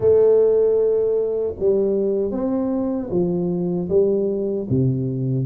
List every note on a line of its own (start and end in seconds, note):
0.00 1.54 A3
1.59 2.31 G3
2.31 3.09 C4
3.10 3.88 F3
3.89 4.67 G3
4.69 5.45 C3